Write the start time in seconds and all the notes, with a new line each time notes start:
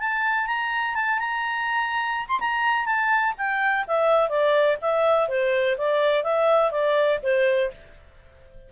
0.00 A5
0.47 A#5
0.95 A5
1.19 A#5
2.28 C6
2.40 A#5
2.86 A5
3.38 G5
3.87 E5
4.29 D5
4.82 E5
5.28 C5
5.78 D5
6.24 E5
6.72 D5
7.23 C5